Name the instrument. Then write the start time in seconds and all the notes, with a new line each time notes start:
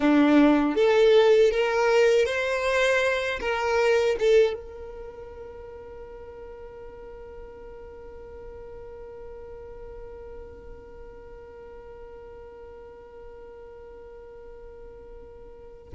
violin
0.00 D4
0.75 A4
1.51 A#4
2.25 C5
3.40 A#4
4.19 A4
4.54 A#4